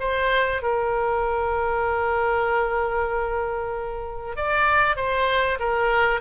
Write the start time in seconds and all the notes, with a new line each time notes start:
0.00 C5
0.63 A#4
4.36 D5
4.97 C5
5.60 A#4